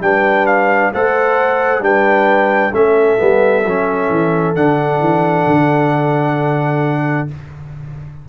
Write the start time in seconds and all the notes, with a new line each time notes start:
0.00 G3 D4 B4 G5
0.46 F5
0.94 A3 A4 C5 F#5
1.80 G3 D4 B4 G5
2.72 A3 C#4 A4 E5
3.17 G3 B3
3.66 F#3 C#4
4.09 E3
4.55 D3 D4 F#5
5.00 E3
5.47 D3